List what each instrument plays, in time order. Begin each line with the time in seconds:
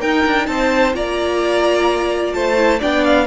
0.00 viola D#4, cello D#4, violin A#4 G5
0.26 cello D4
0.46 cello C4, violin C5 A5
0.93 cello A#3, viola F4, violin D5 A#5
2.33 cello A3, violin C5 A5
2.57 viola E4
2.79 cello B3, viola D4, violin D5 G5
3.04 violin F5